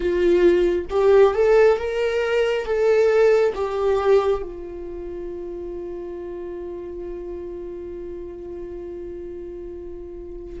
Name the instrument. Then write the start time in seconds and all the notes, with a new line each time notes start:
viola
0.00 F4
0.90 G4
1.34 A4
1.77 A#4
2.65 A4
3.54 G4
4.42 F4